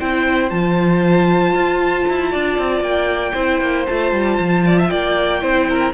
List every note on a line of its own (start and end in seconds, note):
0.00 0.51 C4
0.00 0.51 E4
0.00 2.31 C5
0.00 0.50 G5
0.50 1.54 F3
0.50 3.35 F4
0.50 2.83 A5
1.54 2.06 F4
2.09 2.34 E4
2.31 2.59 D4
2.31 3.34 D5
2.59 2.81 C4
2.81 3.33 A#3
2.81 3.86 G5
3.34 3.61 C4
3.34 3.87 E4
3.34 4.63 C5
3.61 3.87 A#3
3.87 4.13 A3
3.87 5.41 F4
3.87 4.88 A5
4.13 4.38 G3
4.39 4.91 F3
4.66 4.79 D5
4.79 4.91 E5
4.88 5.43 A#3
4.88 5.42 D5
4.88 5.92 G5
5.41 5.94 C4
5.41 5.93 E4
5.41 5.68 C5
5.70 5.94 A#4